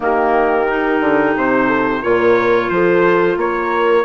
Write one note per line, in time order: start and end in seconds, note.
0.00 1.00 D#3
0.00 0.66 A#3
0.00 1.66 G4
0.00 1.37 A#4
0.68 2.02 D#4
1.00 1.34 D3
1.36 2.03 C3
1.36 2.02 C5
1.66 2.00 A4
2.02 2.70 A#2
2.02 4.04 F4
2.02 2.70 A#4
2.02 2.69 C#5
2.69 3.37 F3
2.69 3.38 A4
2.69 3.36 C5
3.37 4.04 A#3
3.37 4.04 A#4
3.37 4.04 C#5